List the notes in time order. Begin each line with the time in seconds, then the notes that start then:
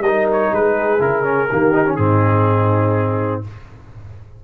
0.00 G3 A#4 D#5
0.07 D#4
0.32 C#5
0.52 G#3 G#4 B4
0.99 C#3 E4 A#4
1.23 C#4
1.49 D#3 A#3 G4
1.73 D#4
1.86 C#4
1.96 G#2 C4 D#4 G#4